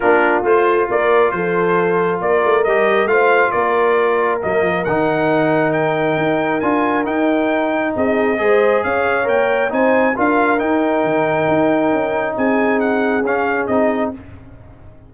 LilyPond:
<<
  \new Staff \with { instrumentName = "trumpet" } { \time 4/4 \tempo 4 = 136 ais'4 c''4 d''4 c''4~ | c''4 d''4 dis''4 f''4 | d''2 dis''4 fis''4~ | fis''4 g''2 gis''4 |
g''2 dis''2 | f''4 g''4 gis''4 f''4 | g''1 | gis''4 fis''4 f''4 dis''4 | }
  \new Staff \with { instrumentName = "horn" } { \time 4/4 f'2 ais'4 a'4~ | a'4 ais'2 c''4 | ais'1~ | ais'1~ |
ais'2 gis'4 c''4 | cis''2 c''4 ais'4~ | ais'1 | gis'1 | }
  \new Staff \with { instrumentName = "trombone" } { \time 4/4 d'4 f'2.~ | f'2 g'4 f'4~ | f'2 ais4 dis'4~ | dis'2. f'4 |
dis'2. gis'4~ | gis'4 ais'4 dis'4 f'4 | dis'1~ | dis'2 cis'4 dis'4 | }
  \new Staff \with { instrumentName = "tuba" } { \time 4/4 ais4 a4 ais4 f4~ | f4 ais8 a8 g4 a4 | ais2 fis8 f8 dis4~ | dis2 dis'4 d'4 |
dis'2 c'4 gis4 | cis'4 ais4 c'4 d'4 | dis'4 dis4 dis'4 cis'4 | c'2 cis'4 c'4 | }
>>